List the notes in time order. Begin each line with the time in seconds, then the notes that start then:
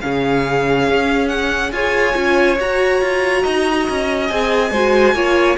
0.00 C#3 C#4 G#4 F5
0.89 C#4
1.28 F#5
1.72 F4 G#4 C#5 G#5
2.14 C#4 F4
2.60 F#4 A#5
3.01 F4
3.43 D#4 D#5
3.89 C#4
4.28 C4 G#4 G#5
4.71 G#3 F#4 C5
5.14 A#3 F4 C#5